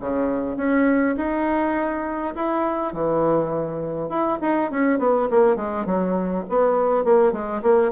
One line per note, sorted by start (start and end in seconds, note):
0.00 0.57 C#3
0.57 1.16 C#4
1.17 2.34 D#4
2.36 2.93 E4
2.93 4.09 E3
4.09 4.39 E4
4.41 4.71 D#4
4.71 4.99 C#4
4.99 5.29 B3
5.30 5.56 A#3
5.56 5.86 G#3
5.86 6.45 F#3
6.49 7.05 B3
7.05 7.33 A#3
7.33 7.62 G#3
7.62 7.92 A#3